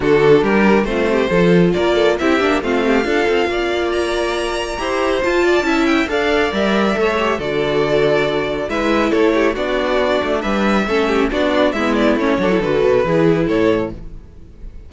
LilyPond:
<<
  \new Staff \with { instrumentName = "violin" } { \time 4/4 \tempo 4 = 138 a'4 ais'4 c''2 | d''4 e''4 f''2~ | f''4 ais''2. | a''4. g''8 f''4 e''4~ |
e''4 d''2. | e''4 cis''4 d''2 | e''2 d''4 e''8 d''8 | cis''4 b'2 cis''4 | }
  \new Staff \with { instrumentName = "violin" } { \time 4/4 fis'4 g'4 f'8 g'8 a'4 | ais'8 a'8 g'4 f'8 g'8 a'4 | d''2. c''4~ | c''8 d''8 e''4 d''2 |
cis''4 a'2. | b'4 a'8 g'8 fis'2 | b'4 a'8 g'8 fis'4 e'4~ | e'8 a'4. gis'4 a'4 | }
  \new Staff \with { instrumentName = "viola" } { \time 4/4 d'2 c'4 f'4~ | f'4 e'8 d'8 c'4 f'4~ | f'2. g'4 | f'4 e'4 a'4 ais'4 |
a'8 g'8 fis'2. | e'2 d'2~ | d'4 cis'4 d'4 b4 | cis'8 d'16 e'16 fis'4 e'2 | }
  \new Staff \with { instrumentName = "cello" } { \time 4/4 d4 g4 a4 f4 | ais4 c'8 ais8 a4 d'8 c'8 | ais2. e'4 | f'4 cis'4 d'4 g4 |
a4 d2. | gis4 a4 b4. a8 | g4 a4 b4 gis4 | a8 fis8 d8 b,8 e4 a,4 | }
>>